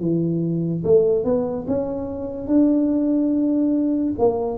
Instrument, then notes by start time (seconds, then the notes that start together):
tuba
0.00 E3
0.84 A3
1.25 B3
1.67 C#4
2.47 D4
4.19 A#3